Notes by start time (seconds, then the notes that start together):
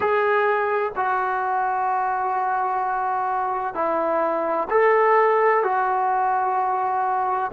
0.00 G#4
0.96 F#4
3.74 E4
4.70 A4
5.63 F#4